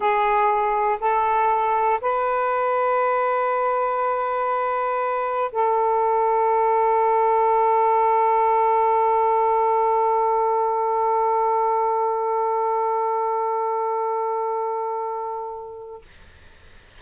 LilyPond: \new Staff \with { instrumentName = "saxophone" } { \time 4/4 \tempo 4 = 120 gis'2 a'2 | b'1~ | b'2. a'4~ | a'1~ |
a'1~ | a'1~ | a'1~ | a'1 | }